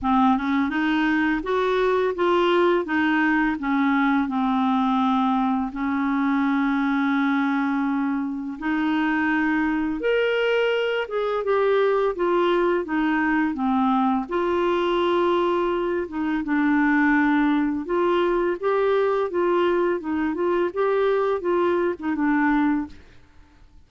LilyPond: \new Staff \with { instrumentName = "clarinet" } { \time 4/4 \tempo 4 = 84 c'8 cis'8 dis'4 fis'4 f'4 | dis'4 cis'4 c'2 | cis'1 | dis'2 ais'4. gis'8 |
g'4 f'4 dis'4 c'4 | f'2~ f'8 dis'8 d'4~ | d'4 f'4 g'4 f'4 | dis'8 f'8 g'4 f'8. dis'16 d'4 | }